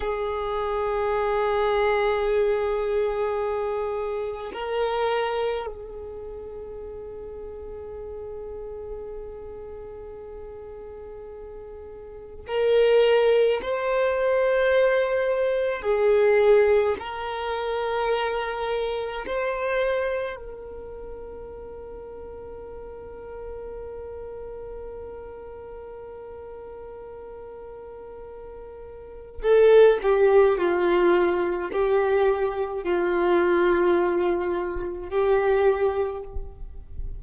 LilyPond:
\new Staff \with { instrumentName = "violin" } { \time 4/4 \tempo 4 = 53 gis'1 | ais'4 gis'2.~ | gis'2. ais'4 | c''2 gis'4 ais'4~ |
ais'4 c''4 ais'2~ | ais'1~ | ais'2 a'8 g'8 f'4 | g'4 f'2 g'4 | }